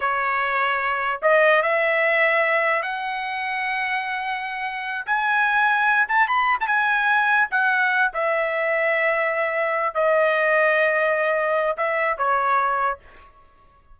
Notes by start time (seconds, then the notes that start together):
0.00 C#5
1.21 D#5
1.62 E5
2.82 F#5
5.06 G#5
6.08 A5
6.27 B5
6.60 A5
6.67 G#5
7.50 F#5
8.13 E5
9.94 D#5
11.77 E5
12.17 C#5